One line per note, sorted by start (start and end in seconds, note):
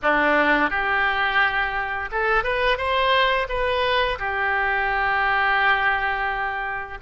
0.02 0.70 D4
0.70 2.09 G4
2.11 2.43 A4
2.43 2.77 B4
2.77 3.47 C5
3.49 4.18 B4
4.19 6.98 G4